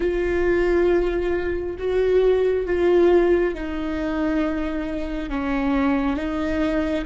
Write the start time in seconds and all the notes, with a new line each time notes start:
0.00 F4
1.78 F#4
2.66 F4
3.54 D#4
5.29 C#4
6.16 D#4